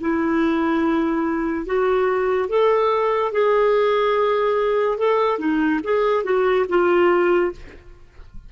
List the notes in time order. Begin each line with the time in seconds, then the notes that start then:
0.00 E4
1.66 F#4
2.48 A4
3.32 G#4
4.98 A4
5.38 D#4
5.84 G#4
6.24 F#4
6.69 F4